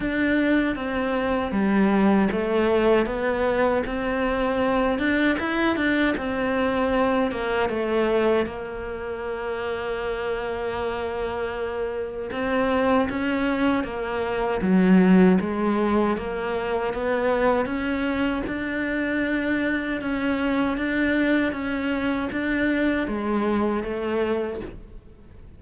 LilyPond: \new Staff \with { instrumentName = "cello" } { \time 4/4 \tempo 4 = 78 d'4 c'4 g4 a4 | b4 c'4. d'8 e'8 d'8 | c'4. ais8 a4 ais4~ | ais1 |
c'4 cis'4 ais4 fis4 | gis4 ais4 b4 cis'4 | d'2 cis'4 d'4 | cis'4 d'4 gis4 a4 | }